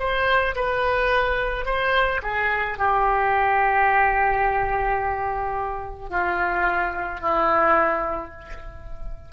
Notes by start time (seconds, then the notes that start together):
0.00 C5
0.56 B4
1.66 C5
2.23 G#4
2.78 G4
6.10 F4
7.21 E4